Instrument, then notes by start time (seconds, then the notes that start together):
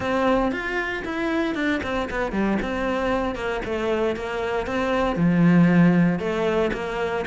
cello
0.00 C4
0.51 F4
1.04 E4
1.54 D4
1.83 C4
2.10 B3
2.32 G3
2.61 C4
3.35 A#3
3.65 A3
4.15 A#3
4.66 C4
5.16 F3
6.19 A3
6.73 A#3